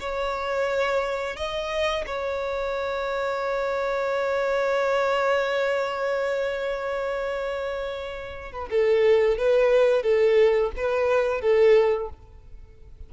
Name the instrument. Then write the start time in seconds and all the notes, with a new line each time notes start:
violin
0.00 C#5
1.36 D#5
2.06 C#5
8.52 B4
8.70 A4
9.37 B4
10.03 A4
10.77 B4
11.41 A4